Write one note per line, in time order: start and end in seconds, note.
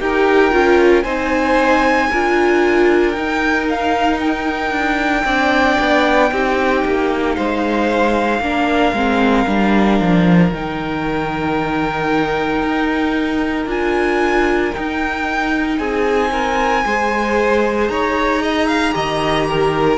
0.00 0.53 D#4
0.00 0.52 G4
0.00 1.04 A#4
0.00 1.03 G5
0.52 1.05 C#4
0.52 1.04 F4
1.03 2.10 C4
1.03 2.11 D#4
1.03 2.09 C5
1.03 3.12 G#5
2.10 3.17 D4
2.10 3.15 F4
2.10 5.25 A#4
3.12 5.25 D#4
3.12 4.71 D#4
3.12 3.65 G5
3.69 4.20 F5
4.20 7.35 G5
4.71 5.24 D4
5.25 5.78 C4
5.25 6.32 D4
5.25 6.30 D5
5.80 6.32 B3
6.32 6.84 C4
6.32 8.42 D#4
6.32 7.37 G4
6.85 7.38 A#3
7.35 8.40 G#3
7.35 8.42 C5
7.35 10.50 F5
8.40 8.93 A#3
8.40 8.95 D4
8.40 15.78 A#4
8.93 9.45 G#3
8.93 9.47 C4
9.47 10.00 G3
9.47 10.52 D4
10.00 10.52 F3
10.52 12.62 D#3
10.52 13.67 D#4
10.52 13.70 G5
12.62 13.66 D#4
13.66 14.71 D4
13.66 14.73 F4
13.66 14.74 G#5
14.74 16.84 D#4
14.74 15.79 D#4
14.74 15.79 G5
15.78 16.85 C4
15.78 16.31 G#4
15.78 17.89 G#5
16.32 16.84 A#4
16.84 17.89 G#3
16.84 18.93 G#4
16.84 17.91 C5
17.89 18.95 D#4
17.89 18.43 C#5
17.89 19.98 A#5
18.43 18.68 D#5
18.68 18.94 F5
18.93 19.98 D#3
18.93 19.98 G4
18.93 19.48 D#5
19.49 19.98 A#4